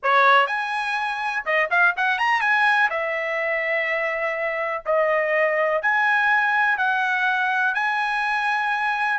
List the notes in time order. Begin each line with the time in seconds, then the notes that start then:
0.02 C#5
0.46 G#5
1.45 D#5
1.70 F5
1.96 F#5
2.18 A#5
2.40 G#5
2.89 E5
4.85 D#5
5.82 G#5
6.77 F#5
7.74 G#5